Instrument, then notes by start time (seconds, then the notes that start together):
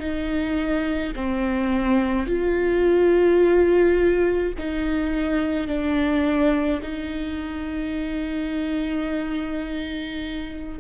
viola
0.00 D#4
1.16 C4
2.27 F4
4.59 D#4
5.68 D4
6.83 D#4